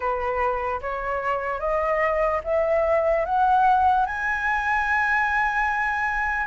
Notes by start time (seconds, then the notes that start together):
0.00 B4
0.81 C#5
1.59 D#5
2.44 E5
3.25 F#5
4.05 G#5